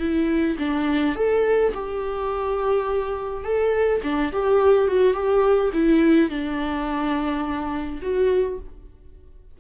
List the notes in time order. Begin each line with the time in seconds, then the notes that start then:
0.00 E4
0.59 D4
1.16 A4
1.74 G4
3.44 A4
4.04 D4
4.33 G4
4.88 F#4
5.14 G4
5.74 E4
6.30 D4
8.02 F#4